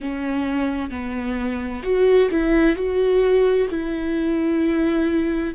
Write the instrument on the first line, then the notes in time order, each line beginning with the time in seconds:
viola
0.00 C#4
0.90 B3
1.83 F#4
2.30 E4
2.75 F#4
3.70 E4